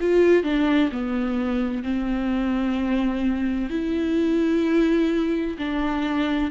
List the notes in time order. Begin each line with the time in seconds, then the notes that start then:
0.00 F4
0.43 D4
0.92 B3
1.83 C4
3.69 E4
5.58 D4